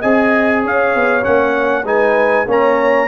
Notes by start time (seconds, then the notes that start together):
0.00 C4 G#4 D#5 G#5
0.63 C#4 C#5 F5
0.96 B3
1.23 A#3 C#4 F#5
1.84 G#3 D#4 B4 G#5
2.47 A#3 C#4 C#5 A#5